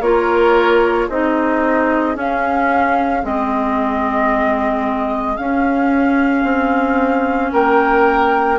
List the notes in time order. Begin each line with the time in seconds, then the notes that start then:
0.00 A#3 F4 A#4 C#5
1.08 C4 D#4 G#4 D#5
2.14 C#4 F5
3.22 G#3 C4 D#5
5.36 C#4 F5
6.44 C4
7.52 A#3 A#4 G5